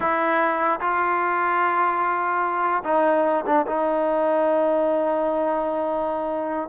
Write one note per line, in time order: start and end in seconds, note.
0.00 0.80 E4
0.80 2.83 F4
2.83 3.44 D#4
3.46 3.66 D4
3.66 6.69 D#4